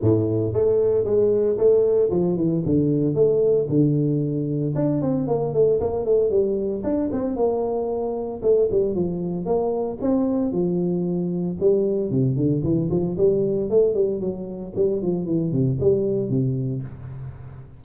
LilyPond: \new Staff \with { instrumentName = "tuba" } { \time 4/4 \tempo 4 = 114 a,4 a4 gis4 a4 | f8 e8 d4 a4 d4~ | d4 d'8 c'8 ais8 a8 ais8 a8 | g4 d'8 c'8 ais2 |
a8 g8 f4 ais4 c'4 | f2 g4 c8 d8 | e8 f8 g4 a8 g8 fis4 | g8 f8 e8 c8 g4 c4 | }